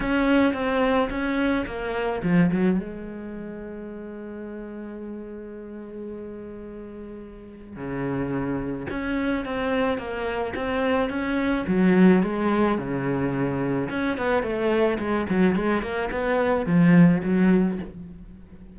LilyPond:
\new Staff \with { instrumentName = "cello" } { \time 4/4 \tempo 4 = 108 cis'4 c'4 cis'4 ais4 | f8 fis8 gis2.~ | gis1~ | gis2 cis2 |
cis'4 c'4 ais4 c'4 | cis'4 fis4 gis4 cis4~ | cis4 cis'8 b8 a4 gis8 fis8 | gis8 ais8 b4 f4 fis4 | }